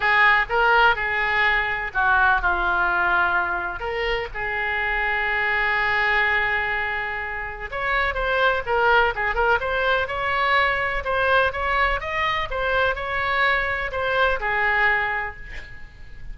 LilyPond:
\new Staff \with { instrumentName = "oboe" } { \time 4/4 \tempo 4 = 125 gis'4 ais'4 gis'2 | fis'4 f'2. | ais'4 gis'2.~ | gis'1 |
cis''4 c''4 ais'4 gis'8 ais'8 | c''4 cis''2 c''4 | cis''4 dis''4 c''4 cis''4~ | cis''4 c''4 gis'2 | }